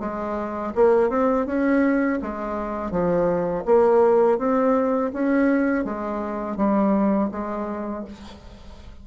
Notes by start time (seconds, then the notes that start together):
0.00 G#3
0.75 A#3
1.09 C4
1.46 C#4
2.22 G#3
2.91 F3
3.65 A#3
4.38 C4
5.13 C#4
5.85 G#3
6.57 G3
7.32 G#3